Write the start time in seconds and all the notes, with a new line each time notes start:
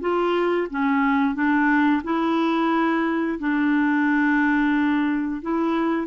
0.00 F4
0.70 C#4
1.34 D4
2.03 E4
3.39 D4
5.41 E4